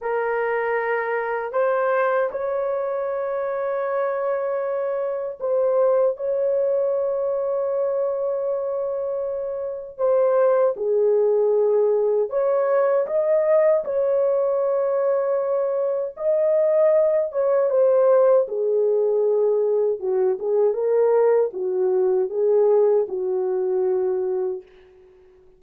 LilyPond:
\new Staff \with { instrumentName = "horn" } { \time 4/4 \tempo 4 = 78 ais'2 c''4 cis''4~ | cis''2. c''4 | cis''1~ | cis''4 c''4 gis'2 |
cis''4 dis''4 cis''2~ | cis''4 dis''4. cis''8 c''4 | gis'2 fis'8 gis'8 ais'4 | fis'4 gis'4 fis'2 | }